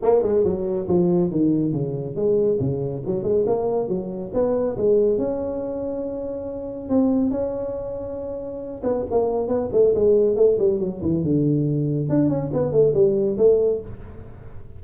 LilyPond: \new Staff \with { instrumentName = "tuba" } { \time 4/4 \tempo 4 = 139 ais8 gis8 fis4 f4 dis4 | cis4 gis4 cis4 fis8 gis8 | ais4 fis4 b4 gis4 | cis'1 |
c'4 cis'2.~ | cis'8 b8 ais4 b8 a8 gis4 | a8 g8 fis8 e8 d2 | d'8 cis'8 b8 a8 g4 a4 | }